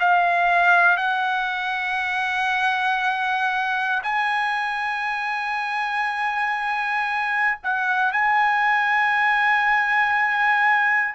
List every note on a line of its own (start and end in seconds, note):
0.00 0.97 F5
0.97 4.02 F#5
4.03 7.59 G#5
7.63 8.13 F#5
8.13 11.14 G#5